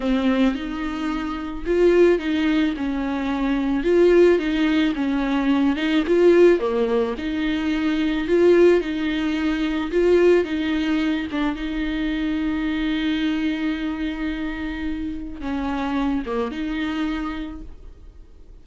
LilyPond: \new Staff \with { instrumentName = "viola" } { \time 4/4 \tempo 4 = 109 c'4 dis'2 f'4 | dis'4 cis'2 f'4 | dis'4 cis'4. dis'8 f'4 | ais4 dis'2 f'4 |
dis'2 f'4 dis'4~ | dis'8 d'8 dis'2.~ | dis'1 | cis'4. ais8 dis'2 | }